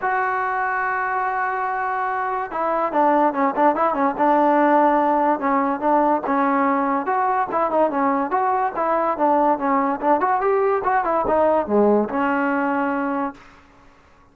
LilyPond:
\new Staff \with { instrumentName = "trombone" } { \time 4/4 \tempo 4 = 144 fis'1~ | fis'2 e'4 d'4 | cis'8 d'8 e'8 cis'8 d'2~ | d'4 cis'4 d'4 cis'4~ |
cis'4 fis'4 e'8 dis'8 cis'4 | fis'4 e'4 d'4 cis'4 | d'8 fis'8 g'4 fis'8 e'8 dis'4 | gis4 cis'2. | }